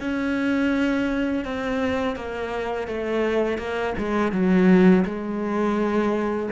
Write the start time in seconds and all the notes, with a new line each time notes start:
0.00 C#4
1.45 C4
2.16 A#3
2.87 A3
3.58 A#3
3.98 G#3
4.32 F#3
5.05 G#3